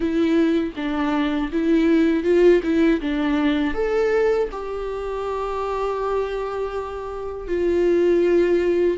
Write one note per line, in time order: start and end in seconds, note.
0.00 0.73 E4
0.75 1.50 D4
1.52 2.23 E4
2.23 2.61 F4
2.62 3.00 E4
3.00 3.74 D4
3.74 4.49 A4
4.51 7.47 G4
7.47 8.97 F4